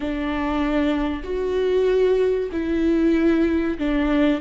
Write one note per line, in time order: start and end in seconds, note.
0.00 1.22 D4
1.23 2.49 F#4
2.51 3.78 E4
3.78 4.40 D4